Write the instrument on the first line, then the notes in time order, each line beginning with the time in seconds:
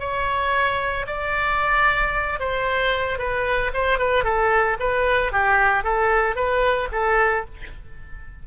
oboe
0.00 C#5
1.07 D5
2.40 C5
3.19 B4
3.74 C5
3.99 B4
4.24 A4
4.80 B4
5.32 G4
5.84 A4
6.36 B4
6.92 A4